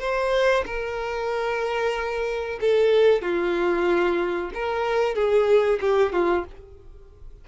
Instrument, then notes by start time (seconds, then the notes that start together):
violin
0.00 C5
0.66 A#4
2.61 A4
3.22 F4
4.54 A#4
5.15 G#4
5.81 G4
6.13 F4